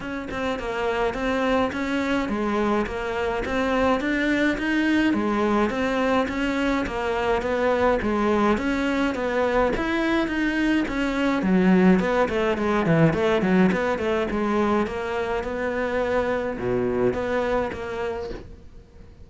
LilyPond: \new Staff \with { instrumentName = "cello" } { \time 4/4 \tempo 4 = 105 cis'8 c'8 ais4 c'4 cis'4 | gis4 ais4 c'4 d'4 | dis'4 gis4 c'4 cis'4 | ais4 b4 gis4 cis'4 |
b4 e'4 dis'4 cis'4 | fis4 b8 a8 gis8 e8 a8 fis8 | b8 a8 gis4 ais4 b4~ | b4 b,4 b4 ais4 | }